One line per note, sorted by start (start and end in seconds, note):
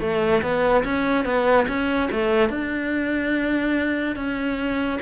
0.00 0.42 A3
0.42 0.84 B3
0.84 1.25 C#4
1.25 1.67 B3
1.67 2.09 C#4
2.11 2.49 A3
2.49 4.16 D4
4.16 4.99 C#4